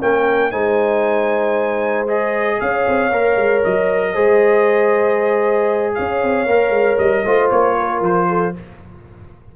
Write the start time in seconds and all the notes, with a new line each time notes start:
0.00 A#3 C#4 A#4 G5
0.51 G#3 D#4 C5 G#5
2.07 G#4 D#5
2.60 C#4 C#5 F5
2.87 C4
3.12 A#3 A#4
3.36 G#3
3.63 F#3 D#5
4.13 G#3 G#4 C5
5.94 C#4 C#5 F5
6.23 C4
6.45 A#3 A#4
6.70 G#3
6.98 G3 D#5
7.25 A3 F4 C5
7.50 A#3 C#5
7.78 A#4
8.01 F3 C5
8.28 A4